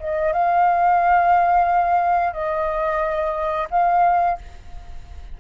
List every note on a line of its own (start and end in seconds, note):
0.00 0.33 D#5
0.33 2.33 F5
2.33 3.68 D#5
3.70 4.38 F5